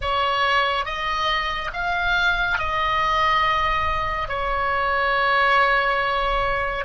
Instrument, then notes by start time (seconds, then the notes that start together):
oboe
0.01 C#5
0.85 D#5
1.73 F5
2.58 D#5
4.28 C#5